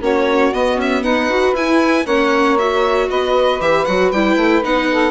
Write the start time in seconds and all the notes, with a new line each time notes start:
0.00 A#3 C#4 F#4 C#5
0.53 B3 D#5
0.75 C#4 E5
1.03 D#4 B4 F#5
1.29 F#4
1.53 E4 G#5
2.05 A#3 C#4 C#5 F#5
2.58 F#4 E5
3.10 B3 B4 D#5
3.60 E3 G4 E5
3.85 F#3 F#4 F#5
4.12 G3 E4 G5
4.36 A3
4.62 B3 D#4 F#5
4.91 A4